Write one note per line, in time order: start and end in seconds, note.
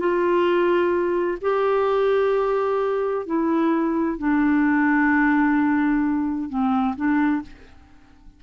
0.00 1.38 F4
1.42 3.26 G4
3.26 4.19 E4
4.19 6.49 D4
6.49 6.95 C4
6.96 7.42 D4